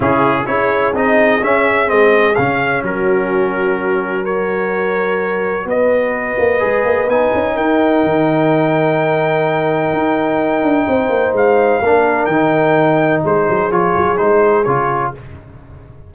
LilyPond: <<
  \new Staff \with { instrumentName = "trumpet" } { \time 4/4 \tempo 4 = 127 gis'4 cis''4 dis''4 e''4 | dis''4 f''4 ais'2~ | ais'4 cis''2. | dis''2. gis''4 |
g''1~ | g''1 | f''2 g''2 | c''4 cis''4 c''4 cis''4 | }
  \new Staff \with { instrumentName = "horn" } { \time 4/4 e'4 gis'2.~ | gis'2 fis'2~ | fis'4 ais'2. | b'1 |
ais'1~ | ais'2. c''4~ | c''4 ais'2. | gis'1 | }
  \new Staff \with { instrumentName = "trombone" } { \time 4/4 cis'4 e'4 dis'4 cis'4 | c'4 cis'2.~ | cis'4 fis'2.~ | fis'2 gis'4 dis'4~ |
dis'1~ | dis'1~ | dis'4 d'4 dis'2~ | dis'4 f'4 dis'4 f'4 | }
  \new Staff \with { instrumentName = "tuba" } { \time 4/4 cis4 cis'4 c'4 cis'4 | gis4 cis4 fis2~ | fis1 | b4. ais8 gis8 ais8 b8 cis'8 |
dis'4 dis2.~ | dis4 dis'4. d'8 c'8 ais8 | gis4 ais4 dis2 | gis8 fis8 f8 fis8 gis4 cis4 | }
>>